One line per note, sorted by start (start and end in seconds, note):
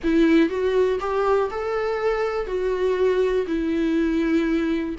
0.03 0.49 E4
0.49 0.98 F#4
1.00 1.49 G4
1.51 2.47 A4
2.47 3.46 F#4
3.47 4.95 E4